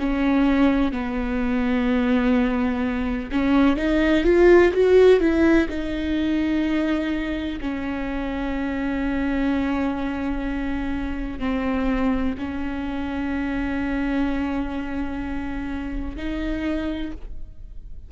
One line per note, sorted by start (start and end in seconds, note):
0.00 0.93 C#4
0.93 3.31 B3
3.32 3.77 C#4
3.77 4.25 D#4
4.25 4.72 F4
4.73 5.20 F#4
5.20 5.68 E4
5.69 7.60 D#4
7.61 11.40 C#4
11.40 12.35 C4
12.39 16.17 C#4
16.17 17.12 D#4